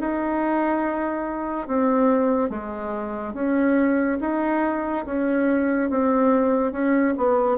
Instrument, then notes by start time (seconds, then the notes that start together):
bassoon
0.00 D#4
1.67 C4
2.50 G#3
3.33 C#4
4.20 D#4
5.06 C#4
5.90 C4
6.72 C#4
7.17 B3